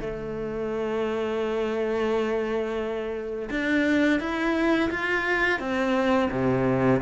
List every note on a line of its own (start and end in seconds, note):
0.00 3.49 A3
3.50 4.20 D4
4.20 4.89 E4
4.90 5.59 F4
5.59 6.29 C4
6.31 7.01 C3